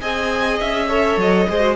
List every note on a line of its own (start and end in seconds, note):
0.00 0.60 C4
0.00 0.88 G#4
0.00 0.88 D#5
0.00 0.59 G#5
0.60 1.16 C#4
0.60 1.19 E5
0.88 1.47 A4
0.88 1.47 C#5
1.16 1.46 F#3
1.16 1.75 D#5
1.49 1.75 G#3
1.49 1.60 G#4
1.49 1.75 C5
1.60 1.75 F#4